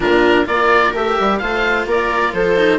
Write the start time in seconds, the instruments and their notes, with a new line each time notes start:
0.00 bassoon A#2, cello D4, viola F4, oboe A#4
0.45 bassoon A#3, cello F4, viola A#4, oboe D5
0.93 bassoon A3, cello G4, oboe E5
1.19 bassoon G3
1.38 bassoon A3, cello F4, viola C5, oboe F5
1.86 bassoon A#3, viola A#4, oboe D5
2.32 bassoon F3, viola A4, oboe C5
2.56 cello D#4